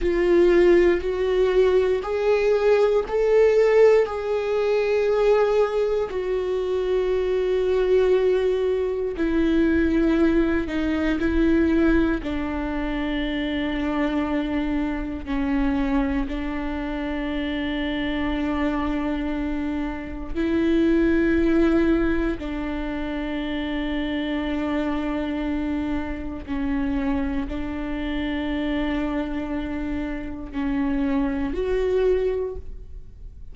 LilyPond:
\new Staff \with { instrumentName = "viola" } { \time 4/4 \tempo 4 = 59 f'4 fis'4 gis'4 a'4 | gis'2 fis'2~ | fis'4 e'4. dis'8 e'4 | d'2. cis'4 |
d'1 | e'2 d'2~ | d'2 cis'4 d'4~ | d'2 cis'4 fis'4 | }